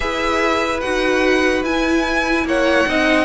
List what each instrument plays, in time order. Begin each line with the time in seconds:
0.00 cello E4, viola G#4, violin B4 E5
0.80 cello D#4, viola F#4, violin F#5
1.62 cello E4, viola E4, violin G#5
2.44 cello A#3, violin C#5 F#5
2.87 cello C4, viola D#4, violin D#5